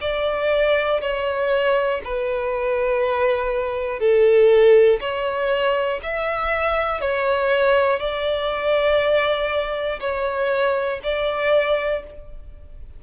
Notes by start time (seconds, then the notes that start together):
0.00 D5
1.00 C#5
2.04 B4
3.99 A4
5.00 C#5
6.02 E5
7.00 C#5
8.00 D5
10.00 C#5
11.03 D5